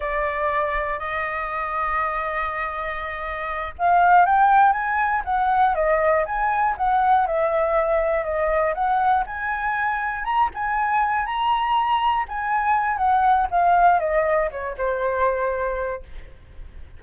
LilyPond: \new Staff \with { instrumentName = "flute" } { \time 4/4 \tempo 4 = 120 d''2 dis''2~ | dis''2.~ dis''8 f''8~ | f''8 g''4 gis''4 fis''4 dis''8~ | dis''8 gis''4 fis''4 e''4.~ |
e''8 dis''4 fis''4 gis''4.~ | gis''8 ais''8 gis''4. ais''4.~ | ais''8 gis''4. fis''4 f''4 | dis''4 cis''8 c''2~ c''8 | }